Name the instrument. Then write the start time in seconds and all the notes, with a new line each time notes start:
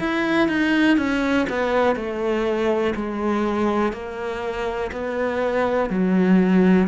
cello
0.00 E4
0.49 D#4
0.98 C#4
1.50 B3
1.96 A3
2.96 G#3
3.93 A#3
4.92 B3
5.90 F#3